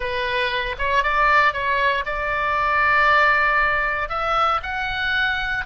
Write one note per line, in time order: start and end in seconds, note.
0.00 0.76 B4
0.78 1.03 C#5
1.03 1.53 D5
1.53 2.04 C#5
2.05 4.09 D5
4.09 4.60 E5
4.62 5.65 F#5